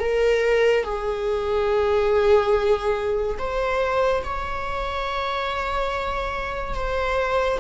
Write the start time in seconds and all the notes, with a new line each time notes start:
0.00 A#4
0.84 G#4
3.39 C5
4.24 C#5
6.75 C5